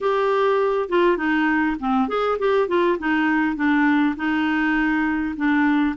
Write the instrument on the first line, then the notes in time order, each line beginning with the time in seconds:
clarinet
0.00 G4
0.89 F4
1.17 D#4
1.79 C4
2.08 G#4
2.38 G4
2.68 F4
2.98 D#4
3.55 D4
4.16 D#4
5.36 D4